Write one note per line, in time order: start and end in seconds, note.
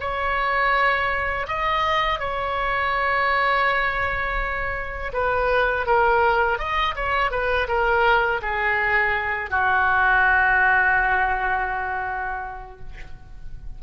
0.00 1.46 C#5
1.48 2.20 D#5
2.20 5.12 C#5
5.13 5.86 B4
5.86 6.59 A#4
6.59 6.95 D#5
6.95 7.31 C#5
7.31 7.68 B4
7.68 8.41 A#4
8.42 9.50 G#4
9.50 12.79 F#4